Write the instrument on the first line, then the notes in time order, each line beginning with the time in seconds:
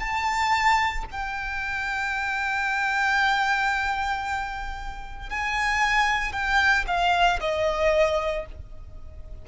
violin
0.00 A5
1.11 G5
5.30 G#5
6.33 G5
6.87 F5
7.41 D#5